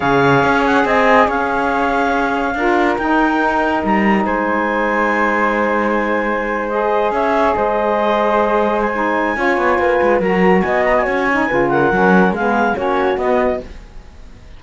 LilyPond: <<
  \new Staff \with { instrumentName = "clarinet" } { \time 4/4 \tempo 4 = 141 f''4. fis''8 gis''4 f''4~ | f''2. g''4~ | g''4 ais''4 gis''2~ | gis''2.~ gis''8. dis''16~ |
dis''8. e''4 dis''2~ dis''16~ | dis''8. gis''2.~ gis''16 | ais''4 gis''8 ais''16 gis''4.~ gis''16 fis''8~ | fis''4 f''4 cis''4 dis''4 | }
  \new Staff \with { instrumentName = "flute" } { \time 4/4 cis''2 dis''4 cis''4~ | cis''2 ais'2~ | ais'2 c''2~ | c''1~ |
c''8. cis''4 c''2~ c''16~ | c''2 cis''4 b'4 | ais'4 dis''4 cis''4 b'8 ais'8~ | ais'4 gis'4 fis'2 | }
  \new Staff \with { instrumentName = "saxophone" } { \time 4/4 gis'1~ | gis'2 f'4 dis'4~ | dis'1~ | dis'2.~ dis'8. gis'16~ |
gis'1~ | gis'4 dis'4 f'2 | fis'2~ fis'8 dis'8 f'4 | cis'4 b4 cis'4 b4 | }
  \new Staff \with { instrumentName = "cello" } { \time 4/4 cis4 cis'4 c'4 cis'4~ | cis'2 d'4 dis'4~ | dis'4 g4 gis2~ | gis1~ |
gis8. cis'4 gis2~ gis16~ | gis2 cis'8 b8 ais8 gis8 | fis4 b4 cis'4 cis4 | fis4 gis4 ais4 b4 | }
>>